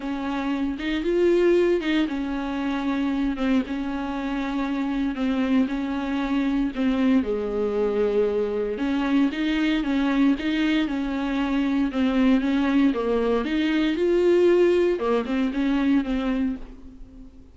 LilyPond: \new Staff \with { instrumentName = "viola" } { \time 4/4 \tempo 4 = 116 cis'4. dis'8 f'4. dis'8 | cis'2~ cis'8 c'8 cis'4~ | cis'2 c'4 cis'4~ | cis'4 c'4 gis2~ |
gis4 cis'4 dis'4 cis'4 | dis'4 cis'2 c'4 | cis'4 ais4 dis'4 f'4~ | f'4 ais8 c'8 cis'4 c'4 | }